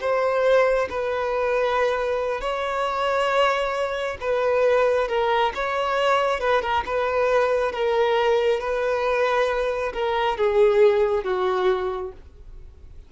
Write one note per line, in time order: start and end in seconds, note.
0.00 0.88 C5
0.90 2.41 B4
2.41 4.17 C#5
4.20 5.08 B4
5.08 5.52 A#4
5.54 6.40 C#5
6.40 6.62 B4
6.62 6.84 A#4
6.86 7.72 B4
7.72 8.60 A#4
8.60 9.92 B4
9.93 10.38 A#4
10.38 11.24 G#4
11.24 12.12 F#4